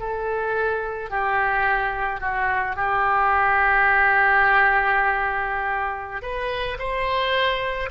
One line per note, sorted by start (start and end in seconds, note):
0.00 1.10 A4
1.10 2.21 G4
2.21 2.76 F#4
2.76 6.22 G4
6.22 6.78 B4
6.79 7.90 C5